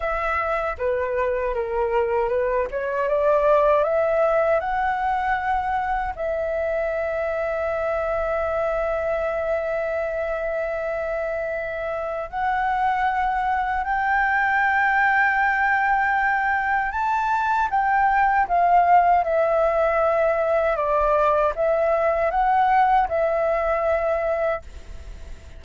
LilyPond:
\new Staff \with { instrumentName = "flute" } { \time 4/4 \tempo 4 = 78 e''4 b'4 ais'4 b'8 cis''8 | d''4 e''4 fis''2 | e''1~ | e''1 |
fis''2 g''2~ | g''2 a''4 g''4 | f''4 e''2 d''4 | e''4 fis''4 e''2 | }